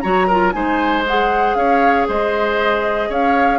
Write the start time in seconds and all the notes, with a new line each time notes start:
0.00 F#3 F#4 C#5 A#5
0.27 F4 A#4
0.52 G#3 D#4 C5 G#5
1.07 G#4 F#5
1.54 C#4 C#5 F5
2.08 G#3 C5 D#5
3.09 C#4 C#5 F5